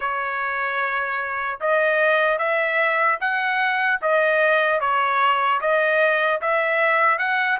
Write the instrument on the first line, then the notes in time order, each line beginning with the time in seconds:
trumpet
0.00 C#5
1.60 D#5
2.38 E5
3.20 F#5
4.01 D#5
4.80 C#5
5.60 D#5
6.41 E5
7.18 F#5